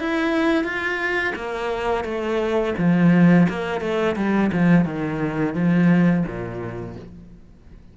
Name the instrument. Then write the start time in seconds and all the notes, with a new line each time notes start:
cello
0.00 E4
0.64 F4
1.36 A#3
2.05 A3
2.78 F3
3.50 A#3
3.81 A3
4.16 G3
4.53 F3
4.86 D#3
5.55 F3
6.27 A#2